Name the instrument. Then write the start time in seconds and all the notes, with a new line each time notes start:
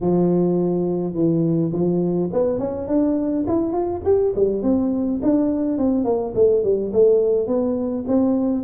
tuba
0.00 F3
1.14 E3
1.72 F3
2.32 B3
2.59 C#4
2.87 D4
3.47 E4
3.72 F4
4.04 G4
4.35 G3
4.62 C4
5.22 D4
5.78 C4
6.04 A#3
6.35 A3
6.63 G3
6.93 A3
7.47 B3
8.07 C4